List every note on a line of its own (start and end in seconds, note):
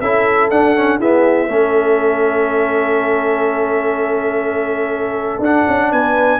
0.00 0.50 C#4
0.00 0.52 E4
0.00 0.99 A4
0.00 0.49 E5
0.50 0.99 D4
0.50 0.76 D4
0.50 0.99 F#5
0.76 1.00 C#4
0.99 1.49 B3
0.99 1.48 E4
0.99 1.48 G#4
0.99 5.43 E5
1.48 5.39 A3
1.48 5.42 C#4
1.48 5.90 A4
5.39 5.64 D4
5.39 6.40 D4
5.39 5.92 F#5
5.68 5.92 C#4
5.91 6.40 B3
5.91 6.40 B4
5.91 6.40 G#5